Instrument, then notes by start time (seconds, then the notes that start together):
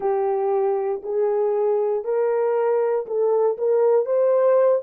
horn
0.00 G4
1.03 G#4
2.04 A#4
3.06 A4
3.57 A#4
4.05 C5